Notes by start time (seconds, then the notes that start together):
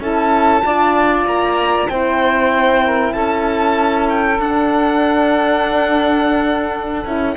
0.00 C#4 E4 A4 A5
0.65 D4 F4 D5
1.25 A#3 A#5
1.89 C4 E4 C5 G5
2.85 A#4
3.13 C#4 A4 A5
4.09 G5
4.39 D4 F#5
7.05 C#4 E4